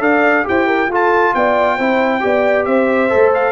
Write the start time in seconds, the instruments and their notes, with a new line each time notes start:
0.00 tuba D4, trombone A4, horn D5, trumpet F5
0.44 tuba E4, trombone G4, horn C5, trumpet G5
0.68 horn A#4
0.89 tuba F4, trombone F4, horn A4
0.95 trumpet A5
1.35 tuba B3, horn D5, trumpet G5
1.77 tuba C4, trombone E4, horn C5
2.21 tuba B3, trombone G4, horn D5
2.66 tuba C4, horn C5, trumpet E5
3.10 tuba A3, trombone A4
3.35 trumpet F5